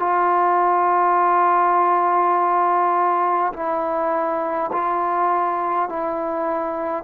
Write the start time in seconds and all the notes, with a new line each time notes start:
0.00 F4
3.53 E4
4.73 F4
5.89 E4